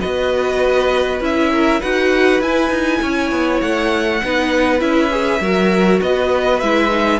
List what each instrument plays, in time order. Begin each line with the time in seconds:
0.00 cello B3, viola F#4, violin B4 D#5
1.20 cello C#4, viola E4, violin E5
1.51 violin A#4
1.79 cello D#4, viola F#4, violin B4 F#5
2.40 cello E4, viola E4, violin G#5
2.69 cello D#4
3.02 cello C#4, violin C#5
3.31 cello B3
3.61 cello A3, violin F#5
4.22 cello B3, viola D#4, violin B4
4.79 cello C#4, viola E4, violin E5
5.10 viola G#4
5.40 cello F#3, viola F#4, violin A#4
6.00 cello B3, violin B4 D#5
6.60 cello G#3, viola E4, violin E5
6.90 viola D#4